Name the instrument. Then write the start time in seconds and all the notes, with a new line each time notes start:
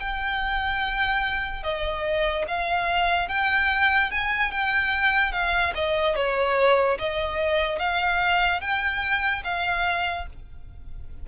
violin
0.00 G5
1.64 D#5
2.48 F5
3.29 G5
4.11 G#5
4.52 G5
5.32 F5
5.75 D#5
6.16 C#5
6.99 D#5
7.79 F5
8.61 G5
9.45 F5